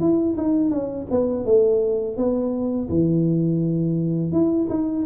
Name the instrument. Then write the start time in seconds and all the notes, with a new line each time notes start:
tuba
0.00 E4
0.37 D#4
0.71 C#4
1.10 B3
1.45 A3
2.17 B3
2.89 E3
4.32 E4
4.69 D#4